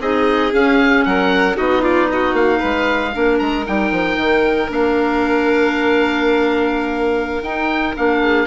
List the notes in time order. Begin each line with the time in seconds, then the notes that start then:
0.00 C4 D#4 G#4 D#5
0.52 C#4 F5
1.05 F#3 A#4 F#5
1.54 B3 D#4 F#4 D#5
1.82 F4 D5
2.09 F#4 D#5
2.33 A#3 F5
2.60 G#3 B4
3.14 A#3 D4 A#4
3.39 G#3 A#5
3.66 G3 D#4 G5
3.91 F3
4.17 D#3
4.68 A#3 D4 F5
7.42 D#4 G5
7.96 A#3 D4 F5
8.21 G#4